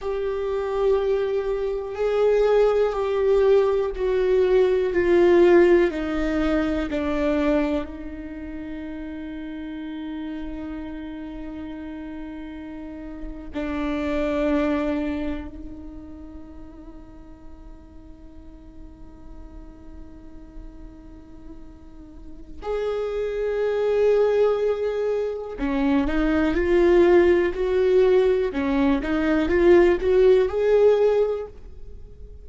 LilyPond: \new Staff \with { instrumentName = "viola" } { \time 4/4 \tempo 4 = 61 g'2 gis'4 g'4 | fis'4 f'4 dis'4 d'4 | dis'1~ | dis'4.~ dis'16 d'2 dis'16~ |
dis'1~ | dis'2. gis'4~ | gis'2 cis'8 dis'8 f'4 | fis'4 cis'8 dis'8 f'8 fis'8 gis'4 | }